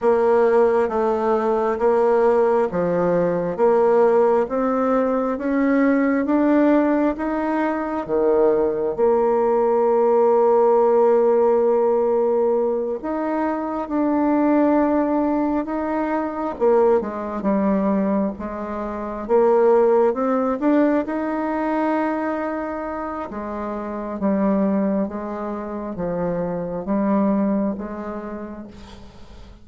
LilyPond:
\new Staff \with { instrumentName = "bassoon" } { \time 4/4 \tempo 4 = 67 ais4 a4 ais4 f4 | ais4 c'4 cis'4 d'4 | dis'4 dis4 ais2~ | ais2~ ais8 dis'4 d'8~ |
d'4. dis'4 ais8 gis8 g8~ | g8 gis4 ais4 c'8 d'8 dis'8~ | dis'2 gis4 g4 | gis4 f4 g4 gis4 | }